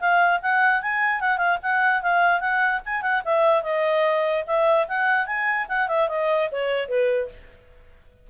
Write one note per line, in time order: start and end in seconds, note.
0.00 0.41 F5
0.42 0.82 F#5
0.82 1.21 G#5
1.21 1.38 F#5
1.38 1.58 F5
1.62 2.02 F#5
2.02 2.40 F5
2.40 2.81 F#5
2.85 3.02 G#5
3.02 3.22 F#5
3.25 3.63 E5
3.63 4.44 D#5
4.47 4.87 E5
4.88 5.26 F#5
5.26 5.67 G#5
5.68 5.88 F#5
5.88 6.08 E5
6.08 6.49 D#5
6.52 6.88 C#5
6.88 7.29 B4